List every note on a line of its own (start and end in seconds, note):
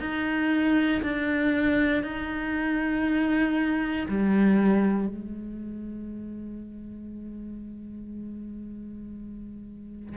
0.00 1.02 D#4
1.02 2.03 D4
2.03 4.07 D#4
4.08 5.08 G3
5.08 10.16 G#3